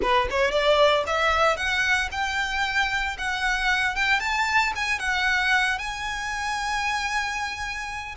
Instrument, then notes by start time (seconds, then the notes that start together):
violin
0.01 B4
0.30 C#5
0.51 D5
1.06 E5
1.56 F#5
2.11 G5
3.17 F#5
3.95 G5
4.20 A5
4.75 G#5
4.99 F#5
5.78 G#5